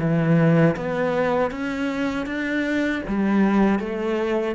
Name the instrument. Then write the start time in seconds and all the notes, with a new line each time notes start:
cello
0.00 E3
0.77 B3
1.52 C#4
2.26 D4
3.08 G3
3.80 A3